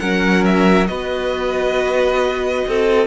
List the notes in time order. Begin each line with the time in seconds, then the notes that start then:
0.00 F#3 C#4 A#4 F#5
0.46 E5
0.87 B3 F#4 B4 D#5
2.67 C4 A4